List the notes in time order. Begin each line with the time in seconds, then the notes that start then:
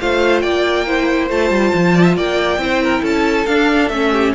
0.00 A3 F4 C5 F5
0.41 A#3 D5 G5
0.86 E4 C5
1.30 A3 F4 A5
1.50 G3
1.74 F3
1.94 D5
2.03 E5
2.17 A#3 D5 G5
2.58 C4 E4 C5
2.83 A#4
3.02 C#4 A4 A5
3.46 D4 F5
3.89 A3 C#4 E5
4.12 G4